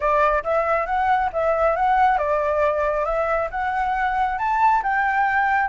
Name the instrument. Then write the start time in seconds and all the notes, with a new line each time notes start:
flute
0.00 D5
0.43 E5
0.86 F#5
1.32 E5
1.76 F#5
2.17 D5
3.05 E5
3.50 F#5
4.38 A5
4.83 G5